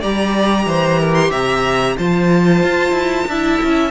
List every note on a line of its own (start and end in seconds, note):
0.00 0.65 G3
0.00 1.98 G4
0.00 0.65 D5
0.00 1.14 A#5
0.65 1.30 E3
0.65 1.00 C5
1.00 1.30 A#4
1.14 1.30 C6
1.30 1.95 C3
1.30 1.95 E5
1.30 1.97 A#5
1.98 2.63 F3
1.98 3.29 F4
1.98 3.28 C5
1.98 3.90 A5
2.63 2.92 F4
2.92 3.24 E4
3.27 3.60 D4
3.27 3.90 E4
3.27 3.90 E5
3.62 3.90 C#4